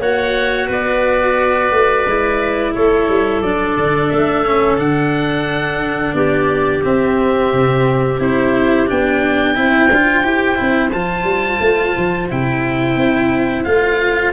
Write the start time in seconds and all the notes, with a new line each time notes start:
0.00 A#3 F#4 C#5 F#5
0.68 B3 B4 D5
1.72 A3
2.06 G#3 E4
2.75 A3 A4 C#5
3.10 G3
3.42 F#3 D4 D5
3.77 D3
4.09 A3 E5
4.46 C#4
4.79 D3 D4 F#5
6.14 B3 G4 D5
6.84 C4 E5
7.53 C3
8.19 C4 E4 C5
8.87 B3 D4 G5
9.55 C4 E4 C5
9.91 D4 F4
10.24 E4 G4
10.56 C4 E4
10.92 F3 F4 A5
11.24 G3
11.60 A3
11.97 F3
12.30 C3 E4 G5
12.97 C4
13.64 A3 F4 F5